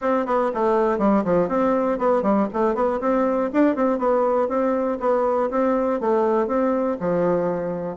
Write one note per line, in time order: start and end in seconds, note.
0.01 0.26 C4
0.26 0.51 B3
0.54 0.98 A3
0.98 1.23 G3
1.24 1.48 F3
1.48 1.98 C4
1.98 2.22 B3
2.22 2.47 G3
2.53 2.75 A3
2.75 3.00 B3
3.00 3.50 C4
3.52 3.75 D4
3.75 3.98 C4
3.98 4.48 B3
4.48 4.98 C4
5.00 5.50 B3
5.50 6.00 C4
6.00 6.47 A3
6.47 6.97 C4
7.00 7.96 F3